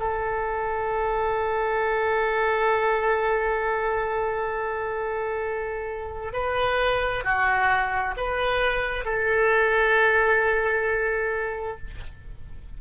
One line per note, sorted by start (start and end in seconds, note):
0.00 6.33 A4
6.33 7.24 B4
7.24 8.15 F#4
8.17 9.05 B4
9.05 11.78 A4